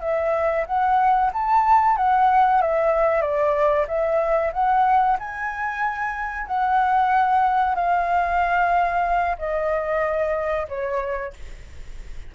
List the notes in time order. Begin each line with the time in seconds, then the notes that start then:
0.00 E5
0.66 F#5
1.33 A5
1.96 F#5
2.61 E5
3.21 D5
3.87 E5
4.52 F#5
5.19 G#5
6.47 F#5
7.75 F5
9.38 D#5
10.68 C#5